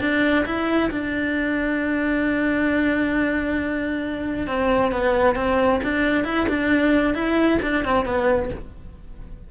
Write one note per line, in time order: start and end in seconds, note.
0.00 0.45 D4
0.45 0.90 E4
0.91 4.47 D4
4.47 4.92 C4
4.92 5.35 B3
5.35 5.80 C4
5.84 6.24 D4
6.24 6.47 E4
6.48 7.14 D4
7.14 7.59 E4
7.62 7.84 D4
7.85 8.05 C4
8.05 8.50 B3